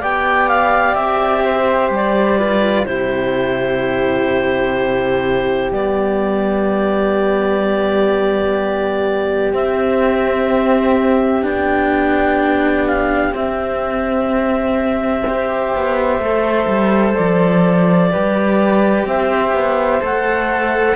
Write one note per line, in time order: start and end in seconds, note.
0.00 0.95 B3
0.00 2.38 G4
0.00 1.43 D5
0.00 0.49 G5
0.49 0.95 F5
0.95 1.89 C4
0.95 1.90 E5
1.44 2.38 C5
1.89 2.85 G3
1.89 2.86 D5
2.38 2.86 F4
2.38 2.86 B4
2.86 5.71 C3
2.86 5.72 E4
2.86 15.25 G4
2.86 5.71 C5
5.72 9.53 G3
5.72 9.53 B3
5.72 9.53 D5
9.53 11.42 C4
9.53 11.43 C4
9.53 11.45 E5
11.42 13.33 B3
11.42 13.32 D4
11.42 12.87 G5
12.87 13.35 F5
13.32 15.23 C4
13.32 15.74 C4
13.32 17.15 E5
15.26 16.22 G4
15.26 18.12 C5
15.75 16.19 B3
16.19 16.66 A3
16.19 18.11 A4
16.67 17.14 G3
17.15 18.14 F3
17.15 19.06 D5
18.11 19.05 G3
18.11 20.00 G4
18.11 19.07 B4
19.05 19.53 C4
19.05 20.96 C5
19.05 20.03 E5
19.53 20.01 B3
20.00 20.96 A3
20.00 20.96 A4
20.00 20.96 F#5